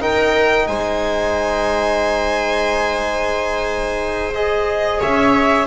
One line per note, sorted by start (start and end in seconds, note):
0.00 4.33 D#4
0.00 0.67 D#4
0.00 0.67 A#4
0.00 0.67 G5
0.67 5.01 G#3
0.67 4.99 C5
0.67 4.34 G#5
4.34 5.66 G#4
4.34 5.00 D#5
4.99 5.66 C#4
4.99 5.66 C#5
4.99 5.66 E5